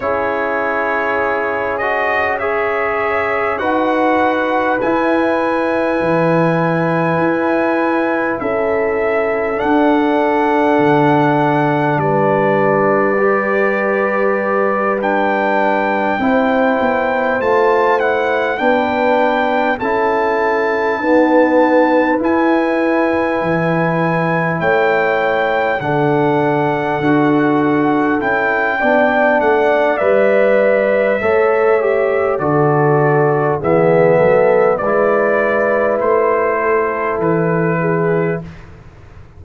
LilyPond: <<
  \new Staff \with { instrumentName = "trumpet" } { \time 4/4 \tempo 4 = 50 cis''4. dis''8 e''4 fis''4 | gis''2. e''4 | fis''2 d''2~ | d''8 g''2 a''8 fis''8 g''8~ |
g''8 a''2 gis''4.~ | gis''8 g''4 fis''2 g''8~ | g''8 fis''8 e''2 d''4 | e''4 d''4 c''4 b'4 | }
  \new Staff \with { instrumentName = "horn" } { \time 4/4 gis'2 cis''4 b'4~ | b'2. a'4~ | a'2 b'2~ | b'4. c''2 b'8~ |
b'8 a'4 b'2~ b'8~ | b'8 cis''4 a'2~ a'8 | d''2 cis''4 a'4 | gis'8 a'8 b'4. a'4 gis'8 | }
  \new Staff \with { instrumentName = "trombone" } { \time 4/4 e'4. fis'8 gis'4 fis'4 | e'1 | d'2. g'4~ | g'8 d'4 e'4 f'8 e'8 d'8~ |
d'8 e'4 b4 e'4.~ | e'4. d'4 fis'4 e'8 | d'4 b'4 a'8 g'8 fis'4 | b4 e'2. | }
  \new Staff \with { instrumentName = "tuba" } { \time 4/4 cis'2. dis'4 | e'4 e4 e'4 cis'4 | d'4 d4 g2~ | g4. c'8 b8 a4 b8~ |
b8 cis'4 dis'4 e'4 e8~ | e8 a4 d4 d'4 cis'8 | b8 a8 g4 a4 d4 | e8 fis8 gis4 a4 e4 | }
>>